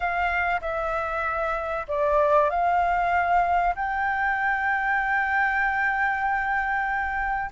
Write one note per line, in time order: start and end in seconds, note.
0.00 0.60 F5
0.61 1.86 E5
1.88 2.49 D5
2.49 3.74 F5
3.75 7.50 G5